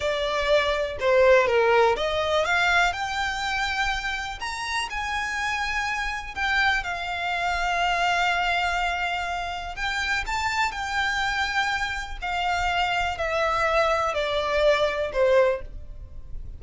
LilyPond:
\new Staff \with { instrumentName = "violin" } { \time 4/4 \tempo 4 = 123 d''2 c''4 ais'4 | dis''4 f''4 g''2~ | g''4 ais''4 gis''2~ | gis''4 g''4 f''2~ |
f''1 | g''4 a''4 g''2~ | g''4 f''2 e''4~ | e''4 d''2 c''4 | }